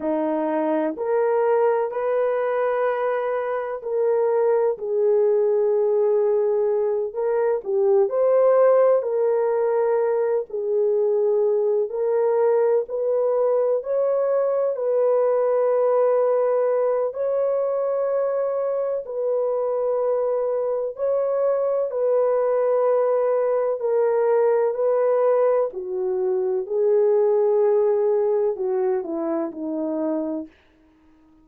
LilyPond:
\new Staff \with { instrumentName = "horn" } { \time 4/4 \tempo 4 = 63 dis'4 ais'4 b'2 | ais'4 gis'2~ gis'8 ais'8 | g'8 c''4 ais'4. gis'4~ | gis'8 ais'4 b'4 cis''4 b'8~ |
b'2 cis''2 | b'2 cis''4 b'4~ | b'4 ais'4 b'4 fis'4 | gis'2 fis'8 e'8 dis'4 | }